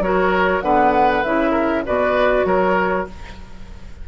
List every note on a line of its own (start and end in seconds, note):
0.00 0.61 F#3
0.00 0.63 F#4
0.00 0.64 A#4
0.00 0.62 C#5
0.62 1.23 D3
0.62 1.24 B3
0.62 1.51 B4
0.62 1.23 F#5
1.23 1.86 C#3
1.23 1.86 E4
1.23 1.85 E5
1.51 1.82 A#4
1.86 2.45 B2
1.86 3.08 F#4
1.86 2.47 B4
1.86 2.46 D5
2.45 3.06 F#3
2.45 3.08 A#4
2.45 3.07 C#5